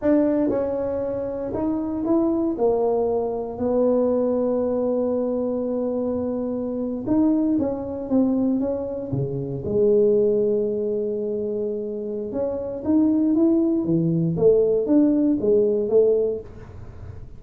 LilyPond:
\new Staff \with { instrumentName = "tuba" } { \time 4/4 \tempo 4 = 117 d'4 cis'2 dis'4 | e'4 ais2 b4~ | b1~ | b4.~ b16 dis'4 cis'4 c'16~ |
c'8. cis'4 cis4 gis4~ gis16~ | gis1 | cis'4 dis'4 e'4 e4 | a4 d'4 gis4 a4 | }